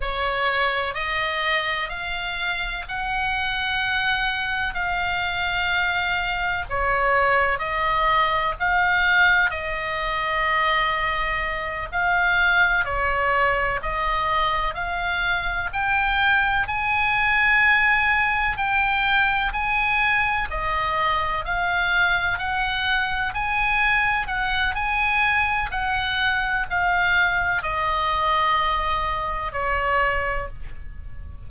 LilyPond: \new Staff \with { instrumentName = "oboe" } { \time 4/4 \tempo 4 = 63 cis''4 dis''4 f''4 fis''4~ | fis''4 f''2 cis''4 | dis''4 f''4 dis''2~ | dis''8 f''4 cis''4 dis''4 f''8~ |
f''8 g''4 gis''2 g''8~ | g''8 gis''4 dis''4 f''4 fis''8~ | fis''8 gis''4 fis''8 gis''4 fis''4 | f''4 dis''2 cis''4 | }